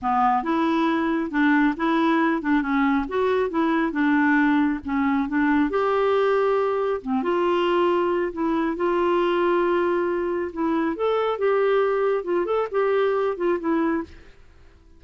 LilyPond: \new Staff \with { instrumentName = "clarinet" } { \time 4/4 \tempo 4 = 137 b4 e'2 d'4 | e'4. d'8 cis'4 fis'4 | e'4 d'2 cis'4 | d'4 g'2. |
c'8 f'2~ f'8 e'4 | f'1 | e'4 a'4 g'2 | f'8 a'8 g'4. f'8 e'4 | }